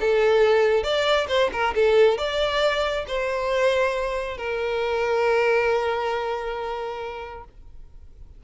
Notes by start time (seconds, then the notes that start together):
0.00 A4
0.83 D5
1.28 C5
1.52 A#4
1.75 A4
2.18 D5
3.07 C5
4.37 A#4